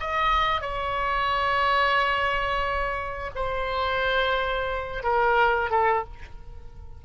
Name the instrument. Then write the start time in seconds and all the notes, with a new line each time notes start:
oboe
0.00 D#5
0.61 C#5
3.35 C5
5.03 A#4
5.70 A4